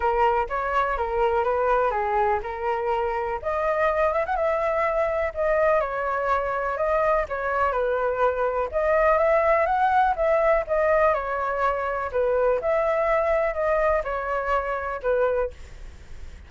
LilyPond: \new Staff \with { instrumentName = "flute" } { \time 4/4 \tempo 4 = 124 ais'4 cis''4 ais'4 b'4 | gis'4 ais'2 dis''4~ | dis''8 e''16 fis''16 e''2 dis''4 | cis''2 dis''4 cis''4 |
b'2 dis''4 e''4 | fis''4 e''4 dis''4 cis''4~ | cis''4 b'4 e''2 | dis''4 cis''2 b'4 | }